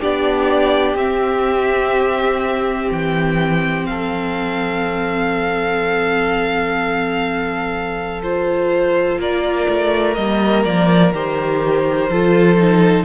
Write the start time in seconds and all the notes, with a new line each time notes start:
0.00 B3 D4 G4 D5
0.95 C4 E5
2.92 E3 G5
3.86 F3 A4 F5
8.23 F4 C5
9.18 A#3 A#4 D5
9.69 A3
10.15 G3 A#3 D#5
10.65 F3 D5
11.13 D#3 G4 C5
12.09 F3 F4 A4
12.58 D#4